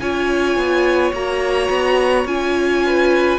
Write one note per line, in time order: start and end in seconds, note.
0.00 0.56 C#4
0.00 1.14 F4
0.00 2.85 C#5
0.00 1.13 G#5
0.56 1.12 B3
1.12 1.69 A#3
1.12 2.27 F#4
1.12 2.27 A#5
1.70 2.25 B3
2.25 3.38 C#4
2.25 3.39 F4
2.25 3.39 G#5
2.86 3.39 B4